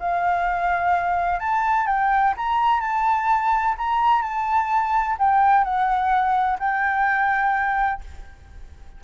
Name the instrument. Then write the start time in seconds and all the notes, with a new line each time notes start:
flute
0.00 F5
1.40 A5
1.87 G5
2.37 A#5
2.81 A5
3.78 A#5
4.22 A5
5.19 G5
5.64 F#5
6.59 G5